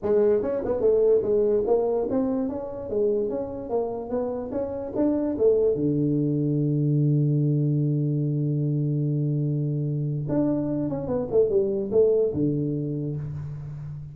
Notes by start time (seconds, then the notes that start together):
0.02 G#3
0.42 C#4
0.64 B3
0.80 A3
1.22 G#3
1.66 A#3
2.10 C4
2.48 C#4
2.89 G#3
3.29 C#4
3.69 A#3
4.09 B3
4.51 C#4
4.95 D4
5.38 A3
5.75 D3
10.28 D4
10.89 C#4
11.07 B3
11.31 A3
11.49 G3
11.91 A3
12.33 D3